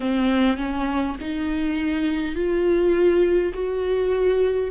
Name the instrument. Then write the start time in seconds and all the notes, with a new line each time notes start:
viola
0.00 C4
0.57 C#4
1.20 D#4
2.35 F4
3.53 F#4